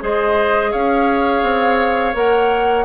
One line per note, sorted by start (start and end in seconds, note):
0.00 0.73 G#3
0.00 2.13 G#4
0.00 0.71 C5
0.00 0.72 D#5
0.71 1.42 C#4
0.71 2.85 C#5
0.71 2.15 F5
1.42 2.14 C4
2.13 2.85 A#3
2.13 2.85 A#4
2.13 2.85 F#5